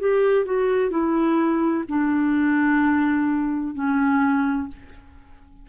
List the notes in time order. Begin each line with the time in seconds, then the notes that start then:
0.00 G4
0.46 F#4
0.91 E4
1.89 D4
3.75 C#4